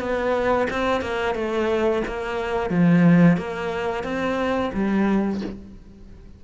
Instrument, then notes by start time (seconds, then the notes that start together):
cello
0.00 B3
0.70 C4
1.01 A#3
1.35 A3
2.07 A#3
2.70 F3
3.37 A#3
4.04 C4
4.73 G3